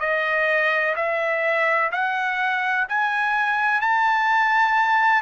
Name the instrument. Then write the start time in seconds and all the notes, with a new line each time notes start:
trumpet
0.00 D#5
0.96 E5
1.92 F#5
2.89 G#5
3.81 A5